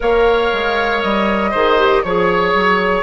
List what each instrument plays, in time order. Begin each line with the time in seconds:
0.00 bassoon A#3, clarinet A#4, oboe C#5, flute F5
0.53 bassoon G#3
1.01 bassoon G3, flute D#5
1.50 bassoon D#3, clarinet G#4, oboe C5
1.78 clarinet G4
2.02 bassoon F3, clarinet G#4, flute C#5, oboe C#5
2.54 bassoon F#3